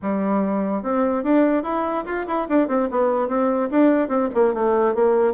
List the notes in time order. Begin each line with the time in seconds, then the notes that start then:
0.02 G3
0.82 C4
1.23 D4
1.63 E4
2.05 F4
2.27 E4
2.48 D4
2.68 C4
2.90 B3
3.28 C4
3.71 D4
4.08 C4
4.34 A#3
4.54 A3
4.94 A#3